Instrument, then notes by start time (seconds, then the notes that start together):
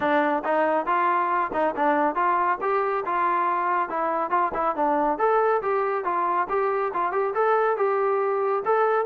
trombone
0.00 D4
0.44 D#4
0.86 F4
1.53 D#4
1.76 D4
2.15 F4
2.61 G4
3.05 F4
3.89 E4
4.30 F4
4.54 E4
4.75 D4
5.18 A4
5.61 G4
6.04 F4
6.49 G4
6.93 F4
7.12 G4
7.34 A4
7.76 G4
8.65 A4